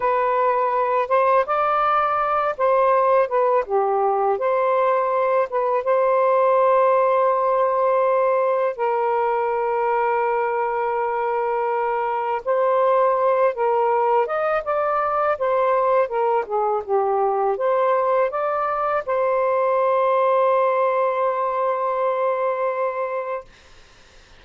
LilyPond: \new Staff \with { instrumentName = "saxophone" } { \time 4/4 \tempo 4 = 82 b'4. c''8 d''4. c''8~ | c''8 b'8 g'4 c''4. b'8 | c''1 | ais'1~ |
ais'4 c''4. ais'4 dis''8 | d''4 c''4 ais'8 gis'8 g'4 | c''4 d''4 c''2~ | c''1 | }